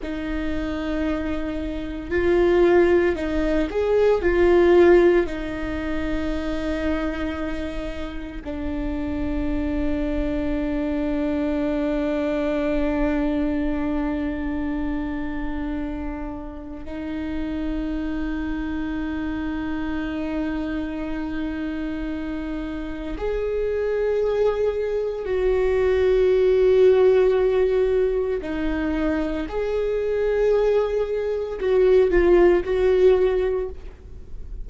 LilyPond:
\new Staff \with { instrumentName = "viola" } { \time 4/4 \tempo 4 = 57 dis'2 f'4 dis'8 gis'8 | f'4 dis'2. | d'1~ | d'1 |
dis'1~ | dis'2 gis'2 | fis'2. dis'4 | gis'2 fis'8 f'8 fis'4 | }